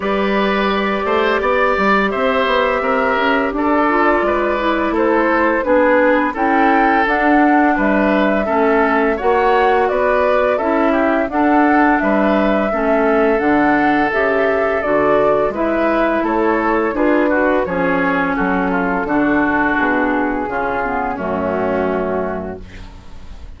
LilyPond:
<<
  \new Staff \with { instrumentName = "flute" } { \time 4/4 \tempo 4 = 85 d''2. e''4~ | e''4 d''2 c''4 | b'4 g''4 fis''4 e''4~ | e''4 fis''4 d''4 e''4 |
fis''4 e''2 fis''4 | e''4 d''4 e''4 cis''4 | b'4 cis''4 a'2 | gis'2 fis'2 | }
  \new Staff \with { instrumentName = "oboe" } { \time 4/4 b'4. c''8 d''4 c''4 | ais'4 a'4 b'4 a'4 | gis'4 a'2 b'4 | a'4 cis''4 b'4 a'8 g'8 |
a'4 b'4 a'2~ | a'2 b'4 a'4 | gis'8 fis'8 gis'4 fis'8 f'8 fis'4~ | fis'4 f'4 cis'2 | }
  \new Staff \with { instrumentName = "clarinet" } { \time 4/4 g'1~ | g'4. f'4 e'4. | d'4 e'4 d'2 | cis'4 fis'2 e'4 |
d'2 cis'4 d'4 | g'4 fis'4 e'2 | f'8 fis'8 cis'2 d'4~ | d'4 cis'8 b8 a2 | }
  \new Staff \with { instrumentName = "bassoon" } { \time 4/4 g4. a8 b8 g8 c'8 b8 | c'8 cis'8 d'4 gis4 a4 | b4 cis'4 d'4 g4 | a4 ais4 b4 cis'4 |
d'4 g4 a4 d4 | cis4 d4 gis4 a4 | d'4 f4 fis4 d4 | b,4 cis4 fis,2 | }
>>